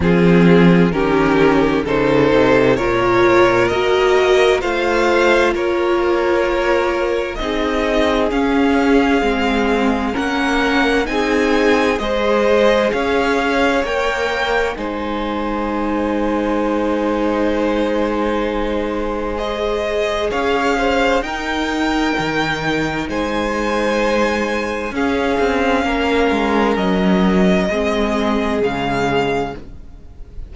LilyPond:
<<
  \new Staff \with { instrumentName = "violin" } { \time 4/4 \tempo 4 = 65 gis'4 ais'4 c''4 cis''4 | dis''4 f''4 cis''2 | dis''4 f''2 fis''4 | gis''4 dis''4 f''4 g''4 |
gis''1~ | gis''4 dis''4 f''4 g''4~ | g''4 gis''2 f''4~ | f''4 dis''2 f''4 | }
  \new Staff \with { instrumentName = "violin" } { \time 4/4 f'4 g'4 a'4 ais'4~ | ais'4 c''4 ais'2 | gis'2. ais'4 | gis'4 c''4 cis''2 |
c''1~ | c''2 cis''8 c''8 ais'4~ | ais'4 c''2 gis'4 | ais'2 gis'2 | }
  \new Staff \with { instrumentName = "viola" } { \time 4/4 c'4 cis'4 dis'4 f'4 | fis'4 f'2. | dis'4 cis'4 c'4 cis'4 | dis'4 gis'2 ais'4 |
dis'1~ | dis'4 gis'2 dis'4~ | dis'2. cis'4~ | cis'2 c'4 gis4 | }
  \new Staff \with { instrumentName = "cello" } { \time 4/4 f4 dis4 cis8 c8 ais,4 | ais4 a4 ais2 | c'4 cis'4 gis4 ais4 | c'4 gis4 cis'4 ais4 |
gis1~ | gis2 cis'4 dis'4 | dis4 gis2 cis'8 c'8 | ais8 gis8 fis4 gis4 cis4 | }
>>